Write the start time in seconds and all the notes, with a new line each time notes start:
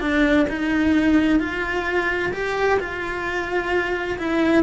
0.00 D4
0.49 D#4
1.40 F4
2.32 G4
2.79 F4
4.18 E4